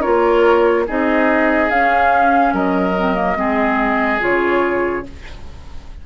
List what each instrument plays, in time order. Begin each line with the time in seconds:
0.00 bassoon A#3, clarinet F4, oboe A#4, flute C#5
0.87 bassoon C4, clarinet D#4, oboe G#4, flute D#5
1.70 bassoon C#4, clarinet C#4, flute F5
2.53 bassoon F#3, oboe A#4, flute D#5
2.96 clarinet C4
3.15 clarinet A#3
3.36 bassoon G#3, clarinet C4, oboe G#4
4.20 bassoon C#3, clarinet F4, flute C#5